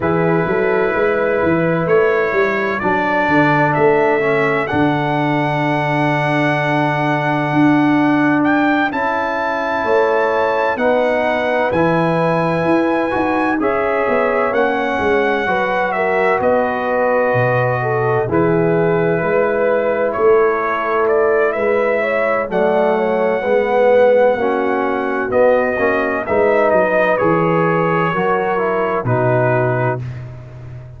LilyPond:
<<
  \new Staff \with { instrumentName = "trumpet" } { \time 4/4 \tempo 4 = 64 b'2 cis''4 d''4 | e''4 fis''2.~ | fis''4 g''8 a''2 fis''8~ | fis''8 gis''2 e''4 fis''8~ |
fis''4 e''8 dis''2 b'8~ | b'4. cis''4 d''8 e''4 | fis''2. dis''4 | e''8 dis''8 cis''2 b'4 | }
  \new Staff \with { instrumentName = "horn" } { \time 4/4 gis'8 a'8 b'4. a'4.~ | a'1~ | a'2~ a'8 cis''4 b'8~ | b'2~ b'8 cis''4.~ |
cis''8 b'8 ais'8 b'4. a'8 gis'8~ | gis'8 b'4 a'4. b'8 cis''8 | d''8 cis''8 b'4 fis'2 | b'2 ais'4 fis'4 | }
  \new Staff \with { instrumentName = "trombone" } { \time 4/4 e'2. d'4~ | d'8 cis'8 d'2.~ | d'4. e'2 dis'8~ | dis'8 e'4. fis'8 gis'4 cis'8~ |
cis'8 fis'2. e'8~ | e'1 | a4 b4 cis'4 b8 cis'8 | dis'4 gis'4 fis'8 e'8 dis'4 | }
  \new Staff \with { instrumentName = "tuba" } { \time 4/4 e8 fis8 gis8 e8 a8 g8 fis8 d8 | a4 d2. | d'4. cis'4 a4 b8~ | b8 e4 e'8 dis'8 cis'8 b8 ais8 |
gis8 fis4 b4 b,4 e8~ | e8 gis4 a4. gis4 | fis4 gis4 ais4 b8 ais8 | gis8 fis8 e4 fis4 b,4 | }
>>